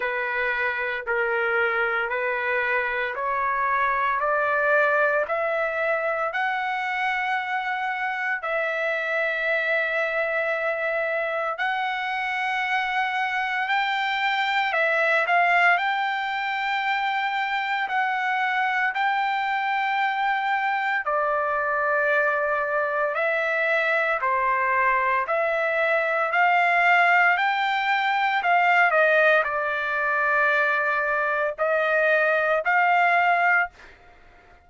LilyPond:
\new Staff \with { instrumentName = "trumpet" } { \time 4/4 \tempo 4 = 57 b'4 ais'4 b'4 cis''4 | d''4 e''4 fis''2 | e''2. fis''4~ | fis''4 g''4 e''8 f''8 g''4~ |
g''4 fis''4 g''2 | d''2 e''4 c''4 | e''4 f''4 g''4 f''8 dis''8 | d''2 dis''4 f''4 | }